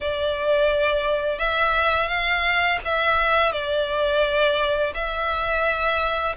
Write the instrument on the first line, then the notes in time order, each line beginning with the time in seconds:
violin
0.00 D5
1.38 E5
2.08 F5
2.84 E5
3.52 D5
4.94 E5